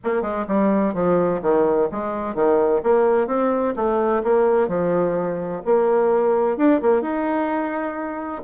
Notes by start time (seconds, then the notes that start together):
0.04 A#3
0.22 G#3
0.47 G3
0.94 F3
1.41 D#3
1.91 G#3
2.34 D#3
2.83 A#3
3.27 C4
3.76 A3
4.23 A#3
4.68 F3
5.65 A#3
6.57 D4
6.81 A#3
7.01 D#4